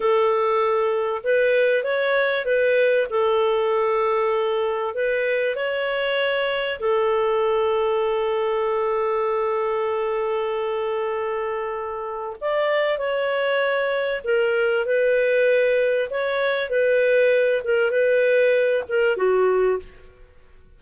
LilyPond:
\new Staff \with { instrumentName = "clarinet" } { \time 4/4 \tempo 4 = 97 a'2 b'4 cis''4 | b'4 a'2. | b'4 cis''2 a'4~ | a'1~ |
a'1 | d''4 cis''2 ais'4 | b'2 cis''4 b'4~ | b'8 ais'8 b'4. ais'8 fis'4 | }